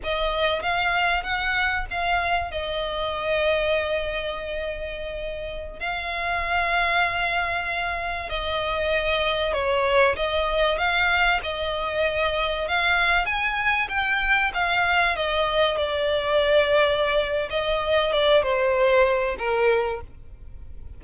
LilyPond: \new Staff \with { instrumentName = "violin" } { \time 4/4 \tempo 4 = 96 dis''4 f''4 fis''4 f''4 | dis''1~ | dis''4~ dis''16 f''2~ f''8.~ | f''4~ f''16 dis''2 cis''8.~ |
cis''16 dis''4 f''4 dis''4.~ dis''16~ | dis''16 f''4 gis''4 g''4 f''8.~ | f''16 dis''4 d''2~ d''8. | dis''4 d''8 c''4. ais'4 | }